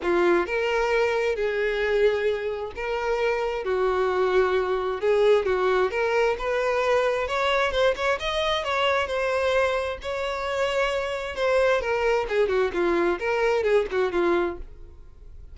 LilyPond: \new Staff \with { instrumentName = "violin" } { \time 4/4 \tempo 4 = 132 f'4 ais'2 gis'4~ | gis'2 ais'2 | fis'2. gis'4 | fis'4 ais'4 b'2 |
cis''4 c''8 cis''8 dis''4 cis''4 | c''2 cis''2~ | cis''4 c''4 ais'4 gis'8 fis'8 | f'4 ais'4 gis'8 fis'8 f'4 | }